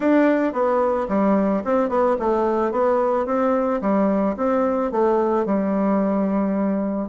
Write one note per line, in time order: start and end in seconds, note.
0.00 0.52 D4
0.52 1.07 B3
1.08 1.63 G3
1.64 1.89 C4
1.89 2.16 B3
2.19 2.71 A3
2.71 3.26 B3
3.26 3.80 C4
3.81 4.35 G3
4.36 4.91 C4
4.91 5.45 A3
5.45 7.09 G3